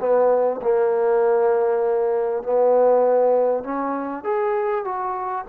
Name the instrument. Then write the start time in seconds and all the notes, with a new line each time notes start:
trombone
0.00 B3
0.62 A#3
2.43 B3
3.64 C#4
4.24 G#4
4.85 F#4